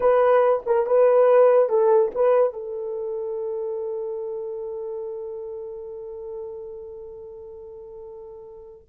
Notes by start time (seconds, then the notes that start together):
0.00 B4
0.65 A#4
0.86 B4
1.69 A4
2.14 B4
2.53 A4